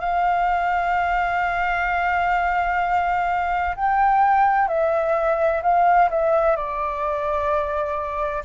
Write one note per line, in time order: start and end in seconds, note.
0.00 3.75 F5
3.75 4.67 G5
4.67 5.61 E5
5.62 6.09 F5
6.10 6.56 E5
6.56 8.43 D5